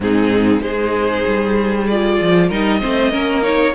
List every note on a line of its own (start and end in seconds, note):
0.00 0.61 G#2
0.00 0.61 C4
0.00 0.61 D#4
0.00 0.62 G#4
0.61 1.24 G#3
0.61 1.86 D#4
0.61 2.48 G#4
0.61 1.87 C5
1.26 2.20 G3
1.87 2.51 F4
1.87 2.49 D5
2.20 2.51 F3
2.48 2.82 G3
2.48 2.79 D#4
2.48 2.79 A#4
2.48 3.43 D#5
2.79 3.13 A3
2.79 3.10 C4
2.79 3.11 C5
3.10 3.75 A#3
3.10 3.41 C#4
3.10 3.73 A#4
3.41 3.73 D#4
3.41 3.74 C#5